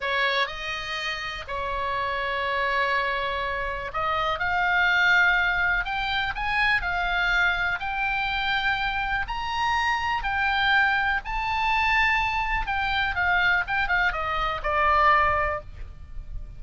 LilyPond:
\new Staff \with { instrumentName = "oboe" } { \time 4/4 \tempo 4 = 123 cis''4 dis''2 cis''4~ | cis''1 | dis''4 f''2. | g''4 gis''4 f''2 |
g''2. ais''4~ | ais''4 g''2 a''4~ | a''2 g''4 f''4 | g''8 f''8 dis''4 d''2 | }